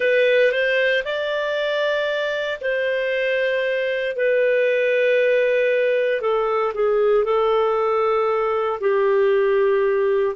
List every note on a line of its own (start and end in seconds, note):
0.00 0.51 B4
0.51 1.03 C5
1.04 2.59 D5
2.61 4.16 C5
4.16 6.21 B4
6.21 6.72 A4
6.73 7.24 G#4
7.24 8.79 A4
8.80 10.35 G4